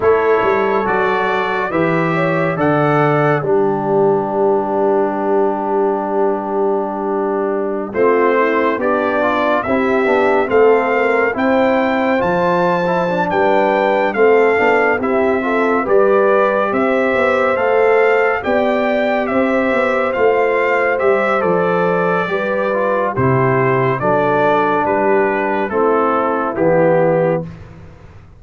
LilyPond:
<<
  \new Staff \with { instrumentName = "trumpet" } { \time 4/4 \tempo 4 = 70 cis''4 d''4 e''4 fis''4 | b'1~ | b'4~ b'16 c''4 d''4 e''8.~ | e''16 f''4 g''4 a''4~ a''16 g''8~ |
g''8 f''4 e''4 d''4 e''8~ | e''8 f''4 g''4 e''4 f''8~ | f''8 e''8 d''2 c''4 | d''4 b'4 a'4 g'4 | }
  \new Staff \with { instrumentName = "horn" } { \time 4/4 a'2 b'8 cis''8 d''4 | g'1~ | g'4~ g'16 f'8 e'8 d'4 g'8.~ | g'16 a'8 ais'8 c''2~ c''16 b'8~ |
b'8 a'4 g'8 a'8 b'4 c''8~ | c''4. d''4 c''4.~ | c''2 b'4 g'4 | a'4 g'4 e'2 | }
  \new Staff \with { instrumentName = "trombone" } { \time 4/4 e'4 fis'4 g'4 a'4 | d'1~ | d'4~ d'16 c'4 g'8 f'8 e'8 d'16~ | d'16 c'4 e'4 f'8. e'16 d'8.~ |
d'8 c'8 d'8 e'8 f'8 g'4.~ | g'8 a'4 g'2 f'8~ | f'8 g'8 a'4 g'8 f'8 e'4 | d'2 c'4 b4 | }
  \new Staff \with { instrumentName = "tuba" } { \time 4/4 a8 g8 fis4 e4 d4 | g1~ | g4~ g16 a4 b4 c'8 b16~ | b16 a4 c'4 f4~ f16 g8~ |
g8 a8 b8 c'4 g4 c'8 | b8 a4 b4 c'8 b8 a8~ | a8 g8 f4 g4 c4 | fis4 g4 a4 e4 | }
>>